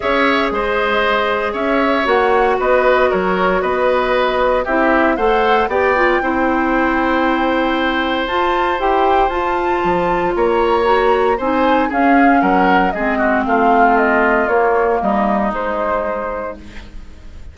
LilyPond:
<<
  \new Staff \with { instrumentName = "flute" } { \time 4/4 \tempo 4 = 116 e''4 dis''2 e''4 | fis''4 dis''4 cis''4 dis''4~ | dis''4 e''4 fis''4 g''4~ | g''1 |
a''4 g''4 a''2 | ais''2 gis''4 f''4 | fis''4 dis''4 f''4 dis''4 | cis''4 dis''4 c''2 | }
  \new Staff \with { instrumentName = "oboe" } { \time 4/4 cis''4 c''2 cis''4~ | cis''4 b'4 ais'4 b'4~ | b'4 g'4 c''4 d''4 | c''1~ |
c''1 | cis''2 c''4 gis'4 | ais'4 gis'8 fis'8 f'2~ | f'4 dis'2. | }
  \new Staff \with { instrumentName = "clarinet" } { \time 4/4 gis'1 | fis'1~ | fis'4 e'4 a'4 g'8 f'8 | e'1 |
f'4 g'4 f'2~ | f'4 fis'4 dis'4 cis'4~ | cis'4 c'2. | ais2 gis2 | }
  \new Staff \with { instrumentName = "bassoon" } { \time 4/4 cis'4 gis2 cis'4 | ais4 b4 fis4 b4~ | b4 c'4 a4 b4 | c'1 |
f'4 e'4 f'4 f4 | ais2 c'4 cis'4 | fis4 gis4 a2 | ais4 g4 gis2 | }
>>